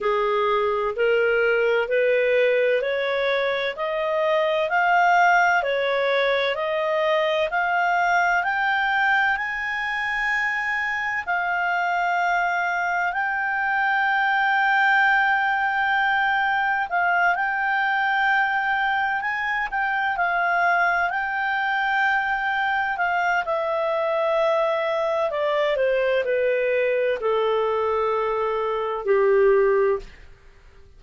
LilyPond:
\new Staff \with { instrumentName = "clarinet" } { \time 4/4 \tempo 4 = 64 gis'4 ais'4 b'4 cis''4 | dis''4 f''4 cis''4 dis''4 | f''4 g''4 gis''2 | f''2 g''2~ |
g''2 f''8 g''4.~ | g''8 gis''8 g''8 f''4 g''4.~ | g''8 f''8 e''2 d''8 c''8 | b'4 a'2 g'4 | }